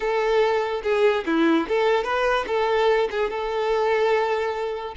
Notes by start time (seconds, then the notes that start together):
0.00 A4
0.83 G#4
1.26 E4
1.68 A4
2.04 B4
2.47 A4
3.10 G#4
3.30 A4